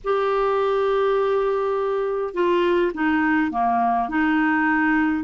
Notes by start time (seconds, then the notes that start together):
0.04 G4
2.34 F4
2.93 D#4
3.51 A#3
4.08 D#4